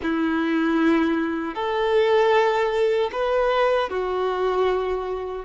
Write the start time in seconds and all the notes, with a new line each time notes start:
0.02 E4
1.54 A4
3.12 B4
3.89 F#4